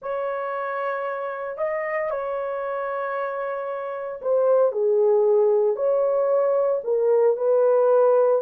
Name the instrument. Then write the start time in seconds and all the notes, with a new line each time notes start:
horn
0.02 C#5
1.57 D#5
2.10 C#5
4.21 C5
4.72 G#4
5.76 C#5
6.84 A#4
7.36 B4